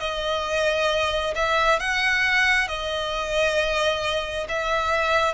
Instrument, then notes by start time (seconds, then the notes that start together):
violin
0.00 D#5
1.35 E5
1.80 F#5
2.68 D#5
4.49 E5